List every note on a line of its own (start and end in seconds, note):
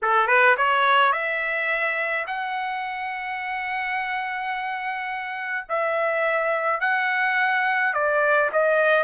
0.02 0.27 A4
0.27 0.55 B4
0.57 1.12 C#5
1.12 2.25 E5
2.26 5.66 F#5
5.68 6.80 E5
6.80 7.93 F#5
7.93 8.50 D5
8.52 9.03 D#5